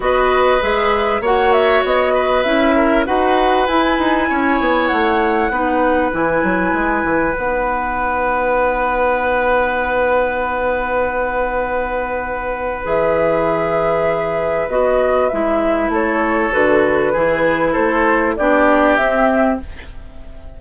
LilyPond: <<
  \new Staff \with { instrumentName = "flute" } { \time 4/4 \tempo 4 = 98 dis''4 e''4 fis''8 e''8 dis''4 | e''4 fis''4 gis''2 | fis''2 gis''2 | fis''1~ |
fis''1~ | fis''4 e''2. | dis''4 e''4 cis''4 b'4~ | b'4 c''4 d''4 e''4 | }
  \new Staff \with { instrumentName = "oboe" } { \time 4/4 b'2 cis''4. b'8~ | b'8 ais'8 b'2 cis''4~ | cis''4 b'2.~ | b'1~ |
b'1~ | b'1~ | b'2 a'2 | gis'4 a'4 g'2 | }
  \new Staff \with { instrumentName = "clarinet" } { \time 4/4 fis'4 gis'4 fis'2 | e'4 fis'4 e'2~ | e'4 dis'4 e'2 | dis'1~ |
dis'1~ | dis'4 gis'2. | fis'4 e'2 fis'4 | e'2 d'4 c'4 | }
  \new Staff \with { instrumentName = "bassoon" } { \time 4/4 b4 gis4 ais4 b4 | cis'4 dis'4 e'8 dis'8 cis'8 b8 | a4 b4 e8 fis8 gis8 e8 | b1~ |
b1~ | b4 e2. | b4 gis4 a4 d4 | e4 a4 b4 c'4 | }
>>